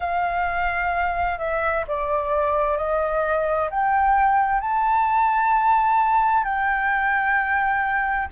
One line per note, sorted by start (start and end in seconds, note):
0.00 1.38 F5
1.38 1.84 E5
1.87 2.77 D5
2.77 3.69 D#5
3.70 4.60 G5
4.60 6.44 A5
6.44 8.28 G5